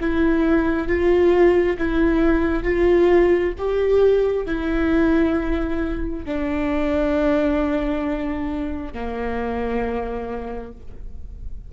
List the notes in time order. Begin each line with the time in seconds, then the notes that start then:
0.00 E4
0.88 F4
1.78 E4
2.63 F4
3.58 G4
4.46 E4
6.25 D4
8.93 A#3